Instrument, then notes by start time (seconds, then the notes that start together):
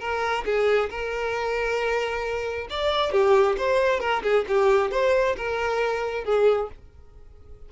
violin
0.00 A#4
0.45 G#4
0.90 A#4
2.71 D5
3.12 G4
3.58 C5
4.00 A#4
4.23 G#4
4.48 G4
4.92 C5
5.37 A#4
6.25 G#4